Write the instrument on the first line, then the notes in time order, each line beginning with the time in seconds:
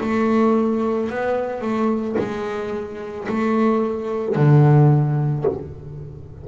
double bass
0.00 A3
1.09 B3
1.61 A3
2.18 G#3
3.28 A3
4.35 D3